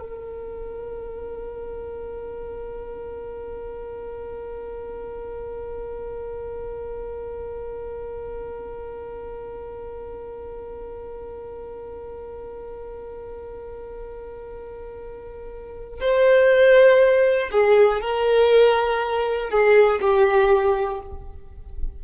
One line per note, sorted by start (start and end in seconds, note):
0.00 16.00 A#4
16.00 17.50 C5
17.51 18.01 G#4
18.01 19.50 A#4
19.50 20.00 G#4
20.01 21.01 G4